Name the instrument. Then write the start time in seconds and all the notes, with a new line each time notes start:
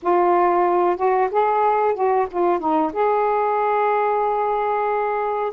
saxophone
0.02 F4
0.96 F#4
1.31 G#4
1.94 F#4
2.31 F4
2.59 D#4
2.93 G#4